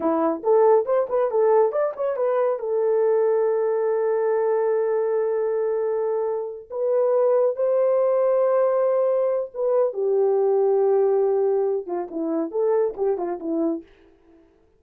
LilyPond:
\new Staff \with { instrumentName = "horn" } { \time 4/4 \tempo 4 = 139 e'4 a'4 c''8 b'8 a'4 | d''8 cis''8 b'4 a'2~ | a'1~ | a'2.~ a'8 b'8~ |
b'4. c''2~ c''8~ | c''2 b'4 g'4~ | g'2.~ g'8 f'8 | e'4 a'4 g'8 f'8 e'4 | }